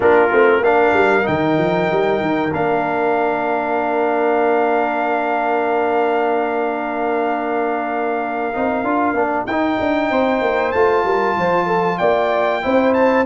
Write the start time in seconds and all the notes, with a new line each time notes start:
0.00 A#3 D4 F4 A#4
0.31 A3 C4
0.60 A#3 D4 A#4 F5
0.92 G3
1.22 D#3 D#4 G5
1.57 F3
1.90 G3
2.21 D#3
2.52 A#3 D4 F5
8.53 C4 D#4
8.83 D4 F4
9.13 A#3 D4
9.46 D#4 G5
9.79 D4
10.09 C4 C5
10.41 A#3
10.71 A3 F4 A5
11.04 G3 A#4
11.36 F3 C5
11.66 A4
11.98 A#3 D5 G5
12.62 C4 E4 C5
12.93 A5